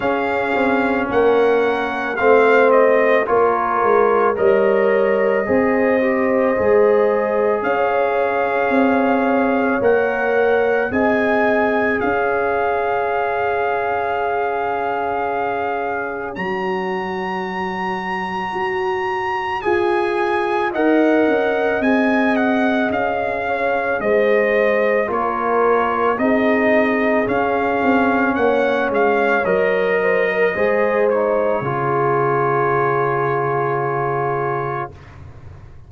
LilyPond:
<<
  \new Staff \with { instrumentName = "trumpet" } { \time 4/4 \tempo 4 = 55 f''4 fis''4 f''8 dis''8 cis''4 | dis''2. f''4~ | f''4 fis''4 gis''4 f''4~ | f''2. ais''4~ |
ais''2 gis''4 fis''4 | gis''8 fis''8 f''4 dis''4 cis''4 | dis''4 f''4 fis''8 f''8 dis''4~ | dis''8 cis''2.~ cis''8 | }
  \new Staff \with { instrumentName = "horn" } { \time 4/4 gis'4 ais'4 c''4 ais'4 | cis''4 c''2 cis''4~ | cis''2 dis''4 cis''4~ | cis''1~ |
cis''2. dis''4~ | dis''4. cis''8 c''4 ais'4 | gis'2 cis''4. c''16 ais'16 | c''4 gis'2. | }
  \new Staff \with { instrumentName = "trombone" } { \time 4/4 cis'2 c'4 f'4 | ais'4 gis'8 g'8 gis'2~ | gis'4 ais'4 gis'2~ | gis'2. fis'4~ |
fis'2 gis'4 ais'4 | gis'2. f'4 | dis'4 cis'2 ais'4 | gis'8 dis'8 f'2. | }
  \new Staff \with { instrumentName = "tuba" } { \time 4/4 cis'8 c'8 ais4 a4 ais8 gis8 | g4 c'4 gis4 cis'4 | c'4 ais4 c'4 cis'4~ | cis'2. fis4~ |
fis4 fis'4 f'4 dis'8 cis'8 | c'4 cis'4 gis4 ais4 | c'4 cis'8 c'8 ais8 gis8 fis4 | gis4 cis2. | }
>>